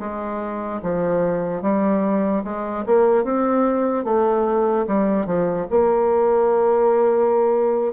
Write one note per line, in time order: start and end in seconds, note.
0.00 0.81 G#3
0.83 1.63 F3
1.63 2.44 G3
2.44 2.85 G#3
2.86 3.24 A#3
3.24 4.05 C4
4.05 4.86 A3
4.88 5.26 G3
5.26 5.67 F3
5.71 7.93 A#3